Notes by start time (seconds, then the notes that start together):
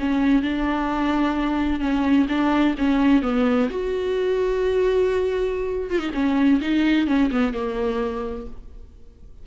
0.00 C#4
0.43 D4
1.81 C#4
2.29 D4
2.78 C#4
3.23 B3
3.70 F#4
5.91 F4
5.99 D#4
6.14 C#4
6.62 D#4
7.08 C#4
7.32 B3
7.54 A#3